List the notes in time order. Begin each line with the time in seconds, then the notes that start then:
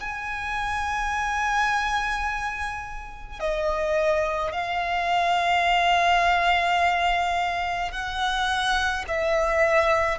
0.00 G#5
3.40 D#5
4.52 F5
7.91 F#5
9.08 E5